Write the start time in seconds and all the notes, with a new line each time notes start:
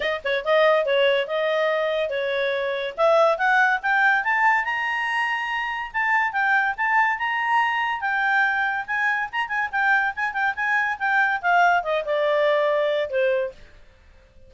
0.00 D#5
0.24 C#5
0.44 D#5
0.85 C#5
1.27 D#5
2.09 C#5
2.97 E5
3.37 F#5
3.82 G5
4.24 A5
4.64 A#5
5.93 A5
6.32 G5
6.77 A5
7.18 A#5
8.01 G5
8.86 G#5
9.32 A#5
9.48 G#5
9.71 G5
10.15 G#5
10.33 G5
10.55 G#5
10.99 G5
11.41 F5
11.83 D#5
12.05 D5
13.10 C5